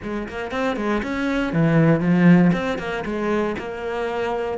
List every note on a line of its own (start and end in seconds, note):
0.02 0.28 G#3
0.28 0.51 A#3
0.51 0.76 C4
0.76 1.02 G#3
1.02 1.53 C#4
1.53 2.00 E3
2.00 2.51 F3
2.52 2.78 C4
2.78 3.04 A#3
3.05 3.56 G#3
3.58 4.58 A#3